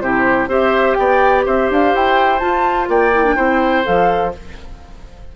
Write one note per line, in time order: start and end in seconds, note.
0.00 0.46 C3
0.00 0.48 E4
0.00 0.49 G4
0.00 0.48 C5
0.46 0.94 C4
0.46 2.40 G4
0.46 0.97 C5
0.46 0.94 E5
0.94 1.46 B3
0.94 1.45 D5
0.94 1.42 G5
1.45 1.70 C4
1.45 2.89 C5
1.45 1.71 E5
1.70 1.94 D4
1.70 1.95 F5
1.94 2.41 E4
1.94 2.39 G5
2.39 3.12 F4
2.39 2.88 F4
2.39 2.87 A5
2.88 3.36 A#3
2.88 3.35 D5
2.88 3.85 G5
3.13 3.24 E4
3.24 3.35 D4
3.35 3.85 C4
3.35 3.83 E4
3.35 4.32 C5
3.83 4.35 F3
3.83 4.31 A4
3.83 4.33 F5